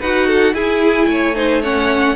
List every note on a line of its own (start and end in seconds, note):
0.00 0.54 D#4
0.00 0.54 F#4
0.00 0.27 B4
0.00 0.55 F#5
0.27 0.54 A4
0.54 1.07 E4
0.54 1.35 E4
0.54 1.09 G#4
0.54 1.63 G#5
1.07 2.15 A3
1.07 1.36 C#5
1.35 1.62 D#4
1.35 1.62 C5
1.62 2.16 C#4
1.62 2.16 C#5
1.62 2.16 F#5